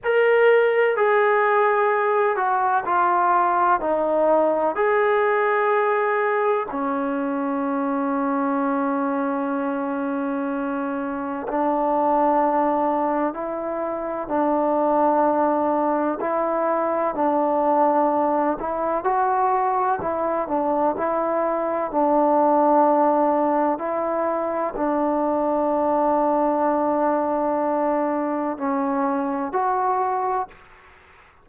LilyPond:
\new Staff \with { instrumentName = "trombone" } { \time 4/4 \tempo 4 = 63 ais'4 gis'4. fis'8 f'4 | dis'4 gis'2 cis'4~ | cis'1 | d'2 e'4 d'4~ |
d'4 e'4 d'4. e'8 | fis'4 e'8 d'8 e'4 d'4~ | d'4 e'4 d'2~ | d'2 cis'4 fis'4 | }